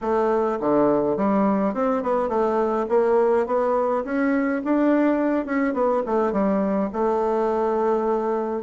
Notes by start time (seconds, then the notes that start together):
0.01 A3
0.60 D3
1.16 G3
1.74 C4
2.02 B3
2.28 A3
2.88 A#3
3.46 B3
4.04 C#4
4.64 D4
5.45 C#4
5.73 B3
6.06 A3
6.32 G3
6.92 A3